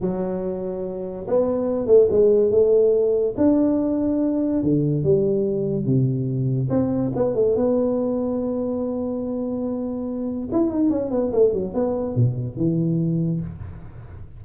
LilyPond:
\new Staff \with { instrumentName = "tuba" } { \time 4/4 \tempo 4 = 143 fis2. b4~ | b8 a8 gis4 a2 | d'2. d4 | g2 c2 |
c'4 b8 a8 b2~ | b1~ | b4 e'8 dis'8 cis'8 b8 a8 fis8 | b4 b,4 e2 | }